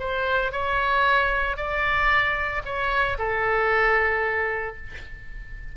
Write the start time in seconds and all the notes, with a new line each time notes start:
0.00 C5
0.53 C#5
1.57 D5
2.66 C#5
3.19 A4